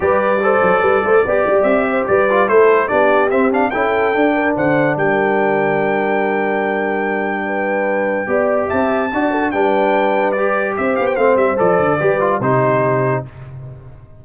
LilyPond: <<
  \new Staff \with { instrumentName = "trumpet" } { \time 4/4 \tempo 4 = 145 d''1 | e''4 d''4 c''4 d''4 | e''8 f''8 g''2 fis''4 | g''1~ |
g''1~ | g''4 a''2 g''4~ | g''4 d''4 e''8 f''16 g''16 f''8 e''8 | d''2 c''2 | }
  \new Staff \with { instrumentName = "horn" } { \time 4/4 b'4 c''4 b'8 c''8 d''4~ | d''8 c''8 b'4 a'4 g'4~ | g'4 a'4. ais'8 c''4 | ais'1~ |
ais'2 b'2 | d''4 e''4 d''8 a'8 b'4~ | b'2 c''2~ | c''4 b'4 g'2 | }
  \new Staff \with { instrumentName = "trombone" } { \time 4/4 g'4 a'2 g'4~ | g'4. f'8 e'4 d'4 | c'8 d'8 e'4 d'2~ | d'1~ |
d'1 | g'2 fis'4 d'4~ | d'4 g'2 c'4 | a'4 g'8 f'8 dis'2 | }
  \new Staff \with { instrumentName = "tuba" } { \time 4/4 g4. fis8 g8 a8 b8 g8 | c'4 g4 a4 b4 | c'4 cis'4 d'4 d4 | g1~ |
g1 | b4 c'4 d'4 g4~ | g2 c'8 b8 a8 g8 | f8 d8 g4 c2 | }
>>